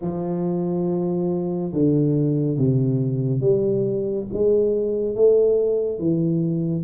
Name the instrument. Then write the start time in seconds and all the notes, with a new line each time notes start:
tuba
0.01 F3
1.73 D3
2.58 C3
3.40 G3
4.33 G#3
5.15 A3
5.98 E3